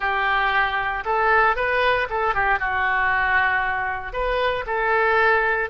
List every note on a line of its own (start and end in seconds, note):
0.00 1.03 G4
1.05 1.56 A4
1.56 2.07 B4
2.09 2.34 A4
2.34 2.59 G4
2.59 4.12 F#4
4.12 4.64 B4
4.66 5.69 A4